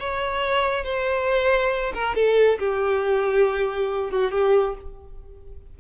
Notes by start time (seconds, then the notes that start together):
0.00 C#5
0.84 C5
1.94 A#4
2.15 A4
2.59 G4
4.11 F#4
4.31 G4